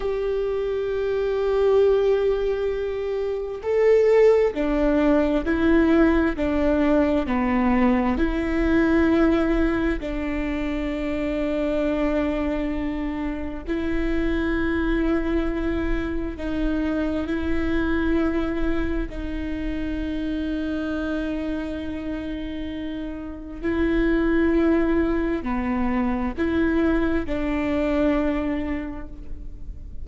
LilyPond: \new Staff \with { instrumentName = "viola" } { \time 4/4 \tempo 4 = 66 g'1 | a'4 d'4 e'4 d'4 | b4 e'2 d'4~ | d'2. e'4~ |
e'2 dis'4 e'4~ | e'4 dis'2.~ | dis'2 e'2 | b4 e'4 d'2 | }